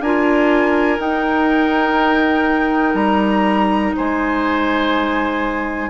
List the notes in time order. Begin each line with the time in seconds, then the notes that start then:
0.00 D4 F4 A#4 G#5
0.97 D#4 G5
2.94 G3 A#5
3.96 G#3 C5 G#5